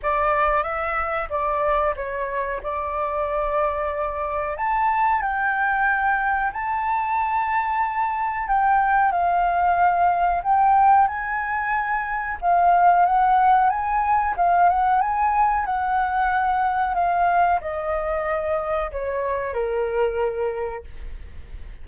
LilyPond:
\new Staff \with { instrumentName = "flute" } { \time 4/4 \tempo 4 = 92 d''4 e''4 d''4 cis''4 | d''2. a''4 | g''2 a''2~ | a''4 g''4 f''2 |
g''4 gis''2 f''4 | fis''4 gis''4 f''8 fis''8 gis''4 | fis''2 f''4 dis''4~ | dis''4 cis''4 ais'2 | }